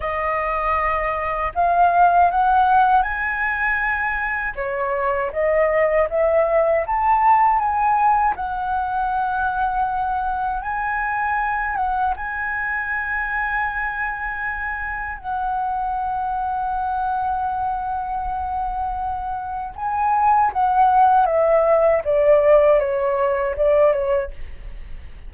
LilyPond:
\new Staff \with { instrumentName = "flute" } { \time 4/4 \tempo 4 = 79 dis''2 f''4 fis''4 | gis''2 cis''4 dis''4 | e''4 a''4 gis''4 fis''4~ | fis''2 gis''4. fis''8 |
gis''1 | fis''1~ | fis''2 gis''4 fis''4 | e''4 d''4 cis''4 d''8 cis''8 | }